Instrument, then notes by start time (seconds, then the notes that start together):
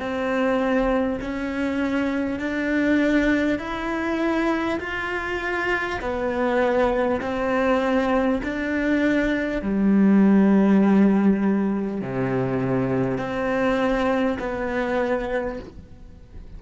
cello
0.00 C4
1.21 C#4
2.39 D4
3.59 E4
4.80 F4
6.01 B3
7.21 C4
8.44 D4
9.62 G3
12.02 C3
13.18 C4
14.39 B3